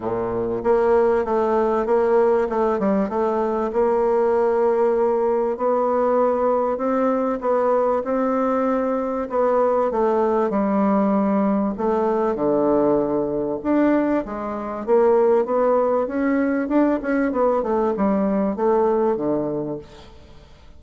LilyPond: \new Staff \with { instrumentName = "bassoon" } { \time 4/4 \tempo 4 = 97 ais,4 ais4 a4 ais4 | a8 g8 a4 ais2~ | ais4 b2 c'4 | b4 c'2 b4 |
a4 g2 a4 | d2 d'4 gis4 | ais4 b4 cis'4 d'8 cis'8 | b8 a8 g4 a4 d4 | }